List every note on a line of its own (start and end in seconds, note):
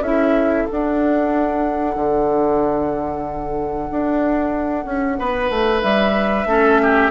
0.00 0.65 C#4
0.00 0.68 E4
0.00 5.19 A4
0.00 0.66 E5
0.66 6.49 D4
0.66 1.95 D4
0.66 5.82 F#5
1.95 3.89 D3
3.91 4.85 D4
4.85 5.17 C#4
5.19 5.49 B3
5.19 6.48 B4
5.49 5.82 A3
5.82 6.45 G3
5.82 7.10 E5
6.45 7.10 A3
6.45 7.10 C#4
6.45 6.81 A4
6.82 7.10 G4